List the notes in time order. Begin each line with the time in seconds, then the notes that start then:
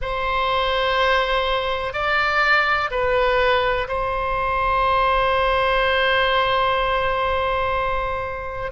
0.01 C5
1.93 D5
2.90 B4
3.88 C5